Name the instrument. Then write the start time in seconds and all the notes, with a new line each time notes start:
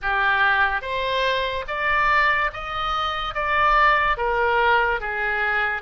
oboe
0.02 G4
0.81 C5
1.67 D5
2.53 D#5
3.34 D5
4.17 A#4
5.00 G#4